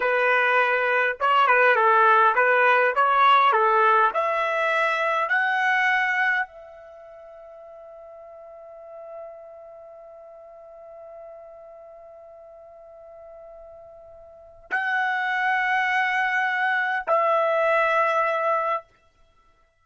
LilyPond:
\new Staff \with { instrumentName = "trumpet" } { \time 4/4 \tempo 4 = 102 b'2 cis''8 b'8 a'4 | b'4 cis''4 a'4 e''4~ | e''4 fis''2 e''4~ | e''1~ |
e''1~ | e''1~ | e''4 fis''2.~ | fis''4 e''2. | }